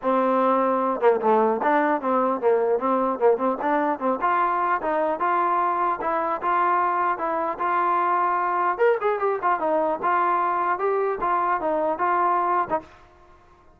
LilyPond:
\new Staff \with { instrumentName = "trombone" } { \time 4/4 \tempo 4 = 150 c'2~ c'8 ais8 a4 | d'4 c'4 ais4 c'4 | ais8 c'8 d'4 c'8 f'4. | dis'4 f'2 e'4 |
f'2 e'4 f'4~ | f'2 ais'8 gis'8 g'8 f'8 | dis'4 f'2 g'4 | f'4 dis'4 f'4.~ f'16 dis'16 | }